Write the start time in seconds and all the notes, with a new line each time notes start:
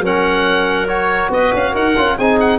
0.00 F#3 C#4 A#4
0.06 F#5
0.88 F#4 C#5
1.30 B3 B4 D#5
1.54 C#4 F5
1.73 D#4 A#4 F#5
1.97 C#4 F4
2.17 C4 D#4 G#4 G#5
2.40 F#5